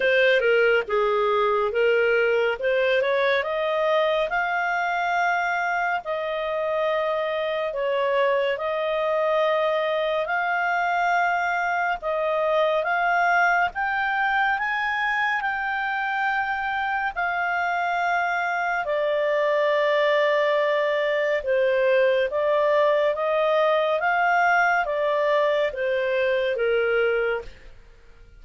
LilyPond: \new Staff \with { instrumentName = "clarinet" } { \time 4/4 \tempo 4 = 70 c''8 ais'8 gis'4 ais'4 c''8 cis''8 | dis''4 f''2 dis''4~ | dis''4 cis''4 dis''2 | f''2 dis''4 f''4 |
g''4 gis''4 g''2 | f''2 d''2~ | d''4 c''4 d''4 dis''4 | f''4 d''4 c''4 ais'4 | }